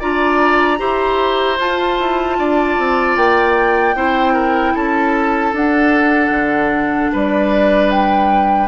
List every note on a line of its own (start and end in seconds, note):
0.00 0.80 D4
0.00 0.78 F4
0.00 0.79 D5
0.00 1.60 A#5
0.78 1.59 E4
0.78 1.57 G4
0.78 2.37 C5
1.59 1.99 F4
1.59 3.96 F4
1.59 3.18 A5
2.00 2.39 E4
2.39 2.78 D4
2.39 3.97 D5
2.78 3.17 C4
3.17 3.95 A#3
3.17 4.75 G5
3.95 4.74 C4
3.95 5.54 E4
3.95 4.34 C5
4.34 4.73 A#4
4.75 5.53 C#4
4.75 7.12 A4
4.75 5.55 A5
5.53 6.30 D4
5.53 8.69 D4
5.53 7.14 F#5
6.30 7.09 D3
7.13 8.69 G3
7.13 8.69 B4
7.13 7.91 D5
7.91 8.69 G5